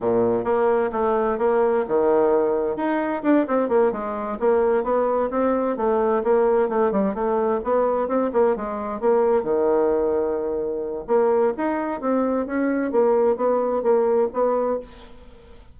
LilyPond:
\new Staff \with { instrumentName = "bassoon" } { \time 4/4 \tempo 4 = 130 ais,4 ais4 a4 ais4 | dis2 dis'4 d'8 c'8 | ais8 gis4 ais4 b4 c'8~ | c'8 a4 ais4 a8 g8 a8~ |
a8 b4 c'8 ais8 gis4 ais8~ | ais8 dis2.~ dis8 | ais4 dis'4 c'4 cis'4 | ais4 b4 ais4 b4 | }